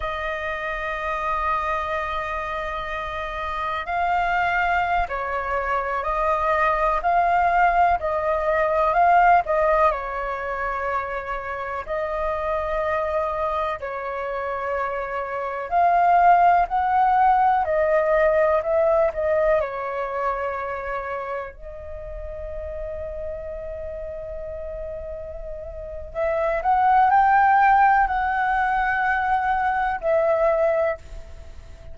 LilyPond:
\new Staff \with { instrumentName = "flute" } { \time 4/4 \tempo 4 = 62 dis''1 | f''4~ f''16 cis''4 dis''4 f''8.~ | f''16 dis''4 f''8 dis''8 cis''4.~ cis''16~ | cis''16 dis''2 cis''4.~ cis''16~ |
cis''16 f''4 fis''4 dis''4 e''8 dis''16~ | dis''16 cis''2 dis''4.~ dis''16~ | dis''2. e''8 fis''8 | g''4 fis''2 e''4 | }